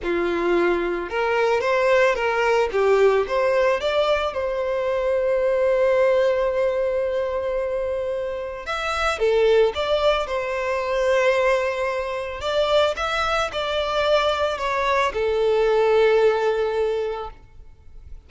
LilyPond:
\new Staff \with { instrumentName = "violin" } { \time 4/4 \tempo 4 = 111 f'2 ais'4 c''4 | ais'4 g'4 c''4 d''4 | c''1~ | c''1 |
e''4 a'4 d''4 c''4~ | c''2. d''4 | e''4 d''2 cis''4 | a'1 | }